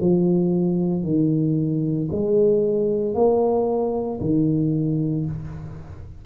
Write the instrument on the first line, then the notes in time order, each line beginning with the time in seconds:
tuba
0.00 F3
1.03 D#3
2.11 G#3
3.14 A#3
4.20 D#3